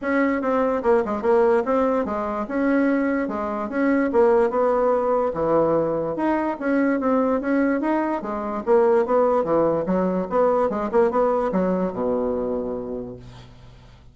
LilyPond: \new Staff \with { instrumentName = "bassoon" } { \time 4/4 \tempo 4 = 146 cis'4 c'4 ais8 gis8 ais4 | c'4 gis4 cis'2 | gis4 cis'4 ais4 b4~ | b4 e2 dis'4 |
cis'4 c'4 cis'4 dis'4 | gis4 ais4 b4 e4 | fis4 b4 gis8 ais8 b4 | fis4 b,2. | }